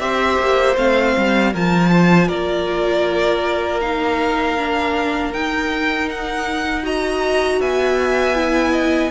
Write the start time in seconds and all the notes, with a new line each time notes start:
0.00 C4 G4 C5 E5
0.39 A#3
0.77 A3 C4 F5
1.18 G3
1.53 F3 F4 A#4 A5
1.92 C5
2.28 A#3 A#4 D5
3.82 D#4 F5
4.58 D4
5.34 D#4 G5
6.10 F#5
6.84 F#4 D#5 A#5
7.61 B3 E5 G#5
8.36 E4
8.72 D#5